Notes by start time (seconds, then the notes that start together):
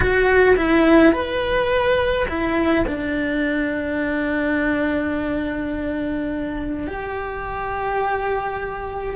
0.00 F#4
0.56 E4
1.12 B4
2.28 E4
2.87 D4
6.87 G4